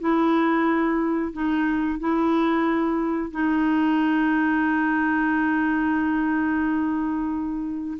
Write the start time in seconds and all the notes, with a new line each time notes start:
0.00 E4
1.32 D#4
1.99 E4
3.31 D#4